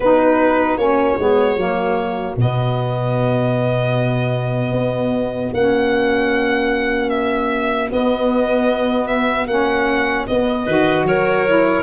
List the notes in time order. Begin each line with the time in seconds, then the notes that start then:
0.00 B3 D#4 F#4 B4
0.77 A#3 C#4 C#5
1.19 G#3 B3
1.56 F#3 A#3
2.36 B2 B3 D#5
4.71 B3
5.53 A#3 C#4 F#5
7.09 E5
7.89 B3 D#5
9.07 E5
9.46 A#3 C#4 F#5
10.27 B3 D#5
10.65 D#3 F#4 B4
11.03 F#3 A#4 C#5
11.47 E4